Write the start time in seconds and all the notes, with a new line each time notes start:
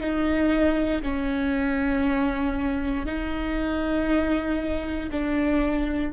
0.00 D#4
1.02 C#4
3.06 D#4
5.11 D4